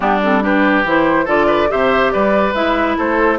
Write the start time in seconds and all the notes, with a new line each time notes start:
0.00 G3 B3 D4 G4
0.23 C4 A4
0.41 D4 G4 B4
0.84 E3 E4 C5
1.25 D3 F4 A4 D5
1.46 B4
1.68 C3 G4 C5 E5
2.11 G3 B4 D5
2.54 G#3 E4 E5
2.97 A3 A4 C5